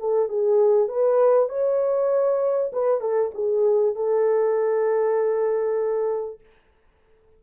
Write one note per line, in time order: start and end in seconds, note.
0.00 0.29 A4
0.29 0.88 G#4
0.88 1.49 B4
1.49 2.72 C#5
2.73 3.01 B4
3.01 3.32 A4
3.35 3.96 G#4
3.96 6.41 A4